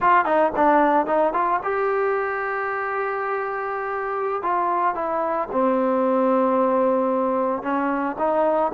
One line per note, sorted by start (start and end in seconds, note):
0.00 0.25 F4
0.25 0.52 D#4
0.56 1.06 D4
1.06 1.33 D#4
1.33 1.59 F4
1.63 4.42 G4
4.42 4.95 F4
4.95 5.48 E4
5.51 7.62 C4
7.62 8.16 C#4
8.18 8.72 D#4